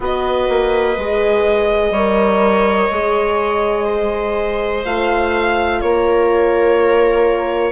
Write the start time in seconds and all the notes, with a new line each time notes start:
0.00 B3 F#4 B4 D#5
0.49 A#3
0.97 G#3 G#4
1.90 G3 A#4 C#5
2.91 G#3 G#4
3.84 C5
4.84 A3 F4 F5
5.80 A#3 A#4 C#5